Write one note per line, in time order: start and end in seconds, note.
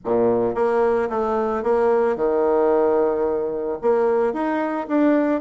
0.04 0.54 A#2
0.54 1.08 A#3
1.09 1.63 A3
1.63 2.16 A#3
2.16 3.78 D#3
3.81 4.33 A#3
4.33 4.87 D#4
4.88 5.41 D4